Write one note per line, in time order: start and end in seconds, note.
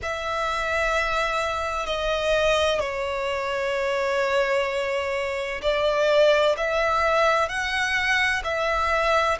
0.02 1.86 E5
1.86 2.80 D#5
2.80 5.61 C#5
5.62 6.55 D5
6.57 7.48 E5
7.48 8.42 F#5
8.44 9.37 E5